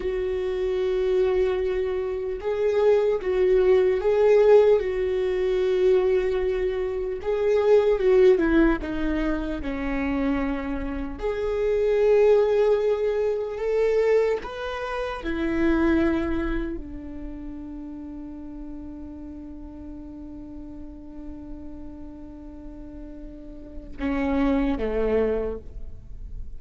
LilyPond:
\new Staff \with { instrumentName = "viola" } { \time 4/4 \tempo 4 = 75 fis'2. gis'4 | fis'4 gis'4 fis'2~ | fis'4 gis'4 fis'8 e'8 dis'4 | cis'2 gis'2~ |
gis'4 a'4 b'4 e'4~ | e'4 d'2.~ | d'1~ | d'2 cis'4 a4 | }